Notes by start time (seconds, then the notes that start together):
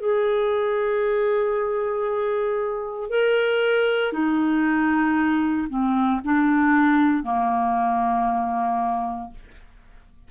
0.00 G#4
3.10 A#4
4.13 D#4
5.69 C4
6.24 D4
7.24 A#3